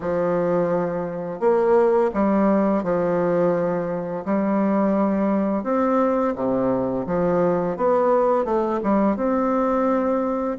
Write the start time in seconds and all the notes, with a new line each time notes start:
0.00 F3
1.40 A#3
2.13 G3
2.83 F3
4.25 G3
5.63 C4
6.35 C3
7.06 F3
7.76 B3
8.44 A3
8.83 G3
9.16 C4